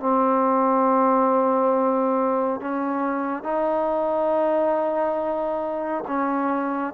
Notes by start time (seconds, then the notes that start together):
0.00 C4
2.61 C#4
3.44 D#4
6.08 C#4